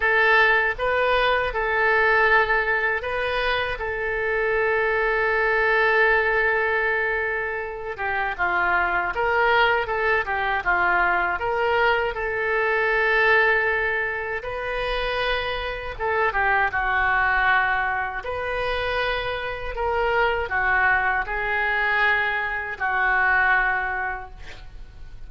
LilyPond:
\new Staff \with { instrumentName = "oboe" } { \time 4/4 \tempo 4 = 79 a'4 b'4 a'2 | b'4 a'2.~ | a'2~ a'8 g'8 f'4 | ais'4 a'8 g'8 f'4 ais'4 |
a'2. b'4~ | b'4 a'8 g'8 fis'2 | b'2 ais'4 fis'4 | gis'2 fis'2 | }